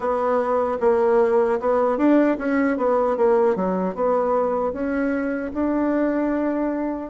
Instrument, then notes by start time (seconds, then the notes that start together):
bassoon
0.00 B3
0.80 A#3
1.60 B3
1.97 D4
2.38 C#4
2.77 B3
3.16 A#3
3.55 F#3
3.94 B3
4.73 C#4
5.53 D4